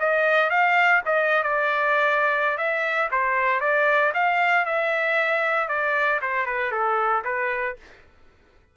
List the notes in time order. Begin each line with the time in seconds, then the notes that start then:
0.00 D#5
0.50 F5
1.06 D#5
1.43 D5
2.58 E5
3.11 C5
3.61 D5
4.14 F5
4.66 E5
5.68 D5
6.22 C5
6.46 B4
6.72 A4
7.25 B4